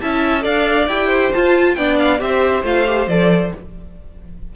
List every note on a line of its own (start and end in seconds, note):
0.00 0.45 C#4
0.00 0.40 E4
0.00 0.42 E5
0.00 0.44 A5
0.40 0.87 D4
0.40 0.85 A4
0.40 1.07 D5
0.40 0.88 F5
0.87 1.31 E4
0.87 1.33 G4
0.87 1.32 G5
1.07 1.73 C5
1.33 1.78 F4
1.33 1.77 F4
1.33 1.74 A5
1.74 2.20 B3
1.74 2.19 D4
1.74 2.21 D5
1.74 1.96 G5
1.98 2.20 F5
2.19 2.63 C4
2.19 2.63 G4
2.19 3.55 C5
2.19 2.65 E5
2.63 3.07 A3
2.63 2.86 F4
2.63 3.08 F5
2.86 3.08 G4
3.07 3.51 F3
3.07 3.54 A4
3.07 3.52 D5